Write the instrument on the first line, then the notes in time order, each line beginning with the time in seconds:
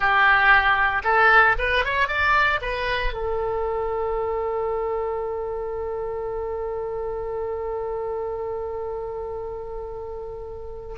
oboe
0.00 G4
1.03 A4
1.58 B4
1.85 C#5
2.08 D5
2.61 B4
3.13 A4